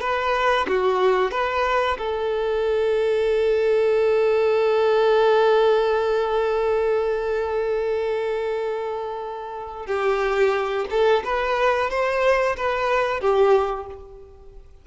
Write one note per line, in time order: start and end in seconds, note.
0.00 0.66 B4
0.68 1.31 F#4
1.31 1.97 B4
1.98 9.86 A4
9.86 10.85 G4
10.90 11.23 A4
11.24 11.90 B4
11.90 12.56 C5
12.56 13.20 B4
13.20 13.86 G4